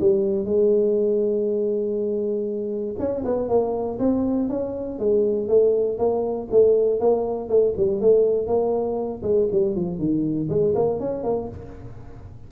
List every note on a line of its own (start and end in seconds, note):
0.00 0.45 G3
0.45 2.95 G#3
2.99 3.24 C#4
3.24 3.48 B3
3.48 3.98 A#3
3.99 4.49 C4
4.49 4.99 C#4
4.99 5.48 G#3
5.48 5.97 A3
5.97 6.47 A#3
6.51 7.00 A3
7.00 7.49 A#3
7.49 7.74 A3
7.77 8.01 G3
8.01 8.47 A3
8.47 9.22 A#3
9.22 9.47 G#3
9.52 9.75 G3
9.75 9.99 F3
9.99 10.49 D#3
10.49 10.74 G#3
10.75 11.00 A#3
11.00 11.23 C#4
11.23 11.48 A#3